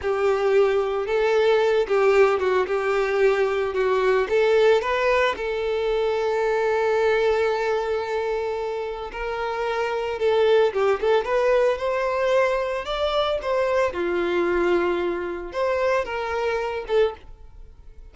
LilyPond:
\new Staff \with { instrumentName = "violin" } { \time 4/4 \tempo 4 = 112 g'2 a'4. g'8~ | g'8 fis'8 g'2 fis'4 | a'4 b'4 a'2~ | a'1~ |
a'4 ais'2 a'4 | g'8 a'8 b'4 c''2 | d''4 c''4 f'2~ | f'4 c''4 ais'4. a'8 | }